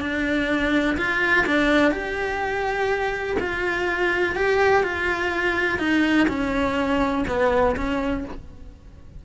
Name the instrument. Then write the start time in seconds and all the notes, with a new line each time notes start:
cello
0.00 D4
0.97 F4
1.46 D4
1.91 G4
3.39 F4
4.35 G4
4.83 F4
5.78 D#4
6.28 C#4
7.27 B3
7.76 C#4